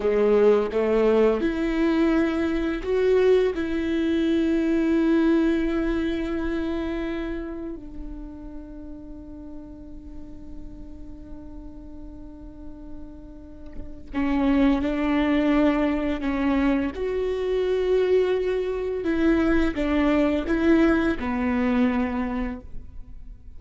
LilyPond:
\new Staff \with { instrumentName = "viola" } { \time 4/4 \tempo 4 = 85 gis4 a4 e'2 | fis'4 e'2.~ | e'2. d'4~ | d'1~ |
d'1 | cis'4 d'2 cis'4 | fis'2. e'4 | d'4 e'4 b2 | }